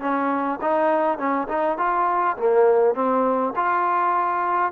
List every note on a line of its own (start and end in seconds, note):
0.00 0.59 C#4
0.61 1.18 D#4
1.18 1.47 C#4
1.48 1.78 D#4
1.78 2.37 F4
2.37 2.94 A#3
2.94 3.53 C4
3.56 4.72 F4